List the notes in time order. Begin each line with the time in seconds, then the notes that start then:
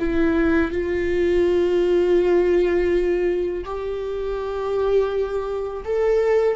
0.00 E4
0.72 F4
3.65 G4
5.85 A4